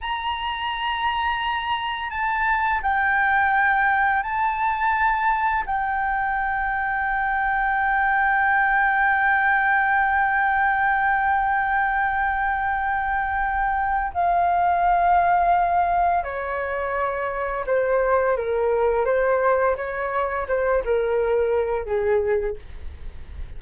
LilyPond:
\new Staff \with { instrumentName = "flute" } { \time 4/4 \tempo 4 = 85 ais''2. a''4 | g''2 a''2 | g''1~ | g''1~ |
g''1 | f''2. cis''4~ | cis''4 c''4 ais'4 c''4 | cis''4 c''8 ais'4. gis'4 | }